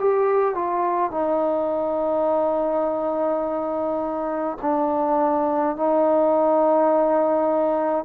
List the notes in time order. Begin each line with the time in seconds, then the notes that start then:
0.00 G4
0.55 F4
1.11 D#4
4.62 D4
5.76 D#4